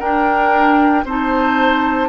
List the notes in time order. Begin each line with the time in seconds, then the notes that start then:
0.00 D4 A#4 G5
1.05 C4 D#4 C5 A5